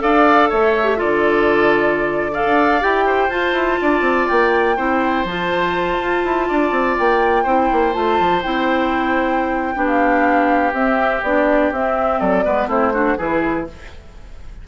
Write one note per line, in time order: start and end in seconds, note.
0.00 0.52 D4
0.00 0.84 A4
0.00 0.49 D5
0.00 0.50 F5
0.49 1.01 A3
0.49 0.98 C#5
0.49 1.00 E5
0.84 0.96 G4
0.97 2.46 D3
0.97 2.31 F4
0.97 2.32 A4
0.97 2.34 D5
2.32 2.81 A4
2.32 3.05 D5
2.32 2.83 F5
2.46 2.82 D4
2.81 3.29 E4
2.81 3.30 G4
2.81 3.30 G5
3.06 3.79 C5
3.29 3.53 F4
3.29 4.76 F4
3.29 4.28 A5
3.53 3.77 E4
3.81 4.01 D4
3.81 4.76 D5
4.01 4.25 C4
4.28 4.77 A#3
4.28 5.25 G5
4.76 5.24 C4
4.76 5.26 E4
4.76 6.47 C5
5.24 5.97 F3
5.24 7.46 F4
5.24 6.97 A5
5.98 6.22 F4
6.24 6.49 E4
6.48 6.71 D4
6.48 7.43 D5
6.71 6.96 C4
6.98 7.45 A#3
6.98 7.93 G5
7.43 7.70 C4
7.43 7.93 E4
7.43 9.75 C5
7.72 7.95 A#3
7.93 8.19 A3
7.93 8.42 F4
7.93 8.42 A5
8.19 8.44 F3
8.42 9.76 C4
8.42 9.75 E4
8.42 9.87 G5
9.75 10.73 B3
9.75 10.72 D4
9.75 12.20 G4
9.87 10.72 F5
10.73 11.22 C4
10.73 11.23 C4
10.73 11.22 E5
11.23 11.71 B3
11.23 11.73 D4
11.23 11.72 D5
11.71 12.20 C4
11.71 12.44 C4
11.71 12.19 E5
12.19 12.45 F#3
12.19 12.44 A4
12.19 12.68 D5
12.44 12.67 G#3
12.44 12.68 B3
12.44 12.68 B4
12.67 13.16 A3
12.67 12.93 C4
12.67 12.92 E4
12.67 13.18 C5
12.93 13.18 D4
12.93 13.18 F#4
13.18 13.68 E3
13.18 13.67 E4
13.18 13.67 G#4
13.18 13.67 B4